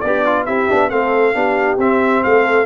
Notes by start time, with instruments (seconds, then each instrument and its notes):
0.00 tuba B3, horn D4, trombone G4, trumpet D5
0.26 trombone F4
0.46 tuba C4, trombone E4, horn G4, trumpet E5
0.69 tuba B3, trombone D4
0.89 tuba A3, trombone C4, horn A4, trumpet F5
1.33 tuba B3, trombone D4, horn G4
1.77 tuba C4, trombone C4, trumpet E5
2.23 tuba A3, horn A4, trumpet F5